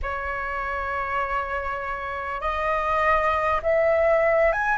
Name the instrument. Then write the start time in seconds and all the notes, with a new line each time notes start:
flute
0.02 C#5
2.41 D#5
3.62 E5
4.52 G#5